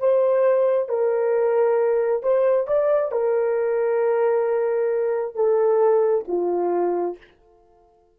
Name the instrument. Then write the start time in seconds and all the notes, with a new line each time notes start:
horn
0.00 C5
0.89 A#4
2.23 C5
2.68 D5
3.12 A#4
5.35 A4
6.28 F4